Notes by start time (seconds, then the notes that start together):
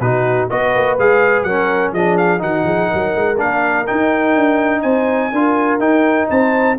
0.00 B2 D#4 F#4 B4
0.50 B3 F#4 B4 D#5
0.76 A#3
0.98 G#3 G#4 F5
1.43 F#3 C#4 A#4 F#5
1.93 F3 D4 G#4 D#5
2.18 F5
2.39 D#3 D#4 F#4 F#5
2.65 F3 G#4
2.90 F#3 A#4
3.16 G#3
3.38 A#3 D4 F5
3.87 D#4 G5
4.36 D4
4.82 C4 C5 G#5
5.32 D4 F4 A#4
5.79 D#4 G5
6.29 C4 C5 A5